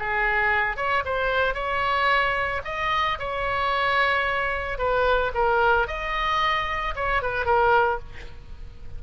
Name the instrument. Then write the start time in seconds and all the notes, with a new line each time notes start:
oboe
0.00 G#4
0.77 C#5
1.05 C5
1.55 C#5
2.65 D#5
3.19 C#5
4.78 B4
5.35 A#4
5.88 D#5
6.96 C#5
7.23 B4
7.46 A#4